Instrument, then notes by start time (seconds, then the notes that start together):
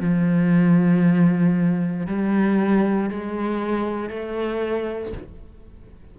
cello
0.00 F3
2.07 G3
3.10 G#3
4.10 A3